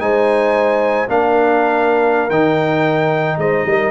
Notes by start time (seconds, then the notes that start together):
0.00 G#3 D#4 C5 G#5
1.08 A#3 D4 A#4 F5
2.30 D#3 D#4 G5
3.38 G#3 C5 D#5
3.66 G3 A#4